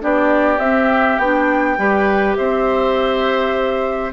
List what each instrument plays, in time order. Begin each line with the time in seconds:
0.00 bassoon B3, clarinet D4, oboe G4, flute D5
0.59 bassoon C4, clarinet C4, flute E5
1.18 bassoon B3, clarinet D4, flute G5
1.78 bassoon G3, clarinet G4, oboe B4
2.37 bassoon C4, oboe C5, flute E5